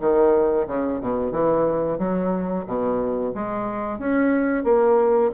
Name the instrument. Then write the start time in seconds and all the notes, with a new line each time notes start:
bassoon
0.00 D#3
0.67 C#3
1.01 B2
1.32 E3
1.98 F#3
2.66 B2
3.35 G#3
3.98 C#4
4.64 A#3